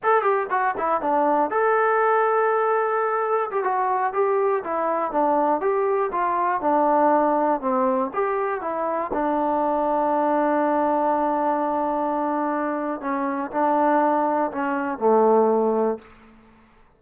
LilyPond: \new Staff \with { instrumentName = "trombone" } { \time 4/4 \tempo 4 = 120 a'8 g'8 fis'8 e'8 d'4 a'4~ | a'2. g'16 fis'8.~ | fis'16 g'4 e'4 d'4 g'8.~ | g'16 f'4 d'2 c'8.~ |
c'16 g'4 e'4 d'4.~ d'16~ | d'1~ | d'2 cis'4 d'4~ | d'4 cis'4 a2 | }